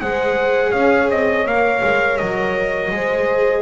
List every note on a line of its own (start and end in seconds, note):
0.00 0.73 G#3
0.00 1.46 G#4
0.00 0.71 C5
0.00 0.71 F#5
0.71 1.09 C#4
0.71 2.90 C#5
0.71 1.08 F5
1.09 1.45 C4
1.09 1.47 D#5
1.45 1.82 A#3
1.45 2.95 A#4
1.45 2.17 F5
1.83 2.20 G#3
2.17 2.91 F#3
2.17 3.62 D#5
2.91 3.62 G#3
2.91 3.62 G#4
2.91 3.62 C5